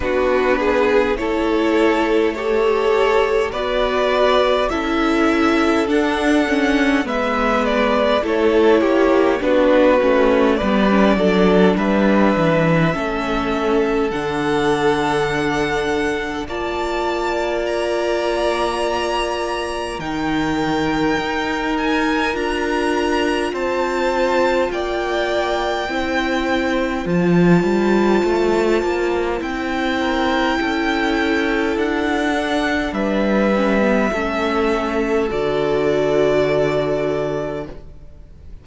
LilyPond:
<<
  \new Staff \with { instrumentName = "violin" } { \time 4/4 \tempo 4 = 51 b'4 cis''4 a'4 d''4 | e''4 fis''4 e''8 d''8 cis''4 | b'4 d''4 e''2 | fis''2 a''4 ais''4~ |
ais''4 g''4. gis''8 ais''4 | a''4 g''2 a''4~ | a''4 g''2 fis''4 | e''2 d''2 | }
  \new Staff \with { instrumentName = "violin" } { \time 4/4 fis'8 gis'8 a'4 cis''4 b'4 | a'2 b'4 a'8 g'8 | fis'4 b'8 a'8 b'4 a'4~ | a'2 d''2~ |
d''4 ais'2. | c''4 d''4 c''2~ | c''4. ais'8 a'2 | b'4 a'2. | }
  \new Staff \with { instrumentName = "viola" } { \time 4/4 d'4 e'4 g'4 fis'4 | e'4 d'8 cis'8 b4 e'4 | d'8 cis'8 b16 cis'16 d'4. cis'4 | d'2 f'2~ |
f'4 dis'2 f'4~ | f'2 e'4 f'4~ | f'4 e'2~ e'8 d'8~ | d'8 cis'16 b16 cis'4 fis'2 | }
  \new Staff \with { instrumentName = "cello" } { \time 4/4 b4 a2 b4 | cis'4 d'4 gis4 a8 ais8 | b8 a8 g8 fis8 g8 e8 a4 | d2 ais2~ |
ais4 dis4 dis'4 d'4 | c'4 ais4 c'4 f8 g8 | a8 ais8 c'4 cis'4 d'4 | g4 a4 d2 | }
>>